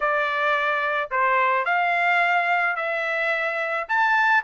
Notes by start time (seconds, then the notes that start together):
0.00 D5
1.10 C5
1.65 F5
2.76 E5
3.88 A5